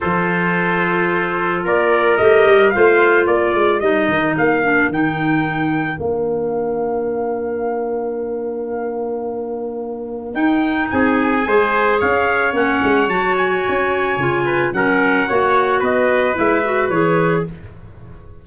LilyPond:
<<
  \new Staff \with { instrumentName = "trumpet" } { \time 4/4 \tempo 4 = 110 c''2. d''4 | dis''4 f''4 d''4 dis''4 | f''4 g''2 f''4~ | f''1~ |
f''2. g''4 | gis''2 f''4 fis''4 | a''8 gis''2~ gis''8 fis''4~ | fis''4 dis''4 e''4 cis''4 | }
  \new Staff \with { instrumentName = "trumpet" } { \time 4/4 a'2. ais'4~ | ais'4 c''4 ais'2~ | ais'1~ | ais'1~ |
ais'1 | gis'4 c''4 cis''2~ | cis''2~ cis''8 b'8 ais'4 | cis''4 b'2. | }
  \new Staff \with { instrumentName = "clarinet" } { \time 4/4 f'1 | g'4 f'2 dis'4~ | dis'8 d'8 dis'2 d'4~ | d'1~ |
d'2. dis'4~ | dis'4 gis'2 cis'4 | fis'2 f'4 cis'4 | fis'2 e'8 fis'8 gis'4 | }
  \new Staff \with { instrumentName = "tuba" } { \time 4/4 f2. ais4 | a8 g8 a4 ais8 gis8 g8 dis8 | ais4 dis2 ais4~ | ais1~ |
ais2. dis'4 | c'4 gis4 cis'4 ais8 gis8 | fis4 cis'4 cis4 fis4 | ais4 b4 gis4 e4 | }
>>